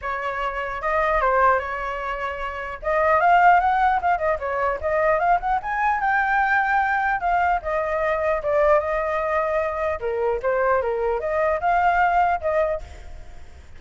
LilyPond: \new Staff \with { instrumentName = "flute" } { \time 4/4 \tempo 4 = 150 cis''2 dis''4 c''4 | cis''2. dis''4 | f''4 fis''4 f''8 dis''8 cis''4 | dis''4 f''8 fis''8 gis''4 g''4~ |
g''2 f''4 dis''4~ | dis''4 d''4 dis''2~ | dis''4 ais'4 c''4 ais'4 | dis''4 f''2 dis''4 | }